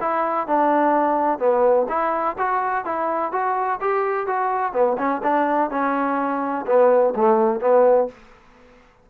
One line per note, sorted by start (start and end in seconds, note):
0.00 0.47 E4
0.47 1.39 D4
1.39 1.86 B3
1.89 2.36 E4
2.38 2.85 F#4
2.85 3.32 E4
3.32 3.79 F#4
3.81 4.27 G4
4.27 4.73 F#4
4.73 4.97 B3
4.98 5.21 C#4
5.23 5.70 D4
5.70 6.66 C#4
6.66 7.14 B3
7.15 7.60 A3
7.60 8.08 B3